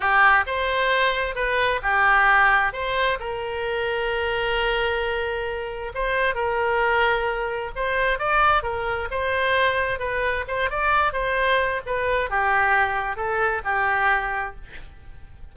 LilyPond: \new Staff \with { instrumentName = "oboe" } { \time 4/4 \tempo 4 = 132 g'4 c''2 b'4 | g'2 c''4 ais'4~ | ais'1~ | ais'4 c''4 ais'2~ |
ais'4 c''4 d''4 ais'4 | c''2 b'4 c''8 d''8~ | d''8 c''4. b'4 g'4~ | g'4 a'4 g'2 | }